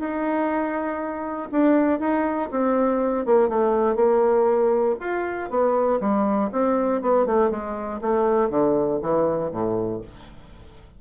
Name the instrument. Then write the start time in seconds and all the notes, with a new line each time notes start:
bassoon
0.00 D#4
1.52 D4
2.00 D#4
2.51 C4
3.26 A#3
3.49 A3
3.96 A#3
5.01 F4
5.50 B3
6.01 G3
6.52 C4
7.02 B3
7.27 A3
7.51 G#3
8.02 A3
8.50 D3
9.03 E3
9.52 A2